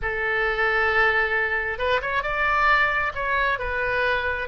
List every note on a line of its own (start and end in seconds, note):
0.02 1.78 A4
1.78 2.00 B4
2.01 2.22 C#5
2.22 3.12 D5
3.14 3.58 C#5
3.58 4.48 B4